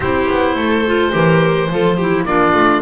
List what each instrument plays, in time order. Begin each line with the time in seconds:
0.00 double bass C4, clarinet E4, violin G4, oboe C5
0.29 double bass B3
0.55 double bass A3, violin A4
0.86 clarinet F4
1.11 double bass E3, clarinet G4, violin A#4
1.69 double bass F3, clarinet F4, violin A4
1.97 clarinet E4, violin G4
2.24 double bass A#3, clarinet D4, violin F4, oboe D5
2.53 double bass A3